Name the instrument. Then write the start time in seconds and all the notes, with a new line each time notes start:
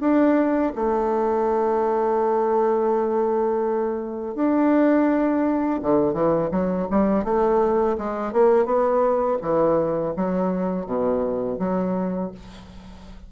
bassoon
0.00 D4
0.75 A3
4.35 D4
5.82 D3
6.13 E3
6.51 F#3
6.90 G3
7.24 A3
7.97 G#3
8.32 A#3
8.65 B3
9.41 E3
10.16 F#3
10.86 B2
11.59 F#3